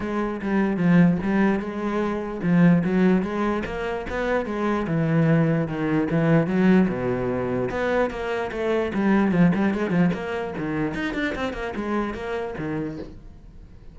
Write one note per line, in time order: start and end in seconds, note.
0.00 0.40 G#3
0.41 0.76 G3
0.76 1.17 F3
1.22 1.59 G3
1.59 2.40 G#3
2.42 2.83 F3
2.84 3.22 F#3
3.22 3.62 G#3
3.65 4.06 A#3
4.09 4.45 B3
4.45 4.86 G#3
4.87 5.67 E3
5.67 6.08 D#3
6.10 6.47 E3
6.47 6.87 F#3
6.88 7.69 B2
7.70 8.10 B3
8.10 8.50 A#3
8.51 8.92 A3
8.94 9.31 G3
9.31 9.51 F3
9.55 9.74 G3
9.74 9.90 G#3
9.90 10.10 F3
10.13 10.54 A#3
10.57 10.94 D#3
10.94 11.14 D#4
11.14 11.34 D4
11.35 11.53 C4
11.53 11.73 A#3
11.75 12.13 G#3
12.13 12.54 A#3
12.58 12.98 D#3